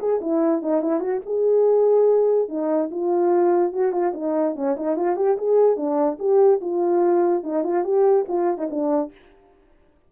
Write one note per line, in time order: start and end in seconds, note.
0.00 0.21 G#4
0.21 0.63 E4
0.63 0.82 D#4
0.82 1.00 E4
1.00 1.21 F#4
1.26 2.49 G#4
2.49 2.90 D#4
2.92 3.73 F4
3.73 3.93 F#4
3.93 4.13 F4
4.14 4.56 D#4
4.56 4.76 C#4
4.77 4.97 D#4
4.97 5.17 F4
5.17 5.37 G4
5.38 5.77 G#4
5.77 6.18 D4
6.19 6.61 G4
6.62 7.44 F4
7.44 7.64 D#4
7.64 7.85 F4
7.85 8.26 G4
8.29 8.58 F4
8.58 8.69 D#4
8.71 9.12 D4